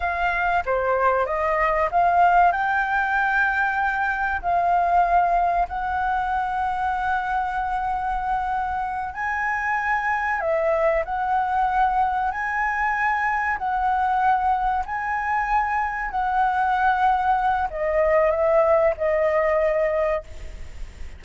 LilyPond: \new Staff \with { instrumentName = "flute" } { \time 4/4 \tempo 4 = 95 f''4 c''4 dis''4 f''4 | g''2. f''4~ | f''4 fis''2.~ | fis''2~ fis''8 gis''4.~ |
gis''8 e''4 fis''2 gis''8~ | gis''4. fis''2 gis''8~ | gis''4. fis''2~ fis''8 | dis''4 e''4 dis''2 | }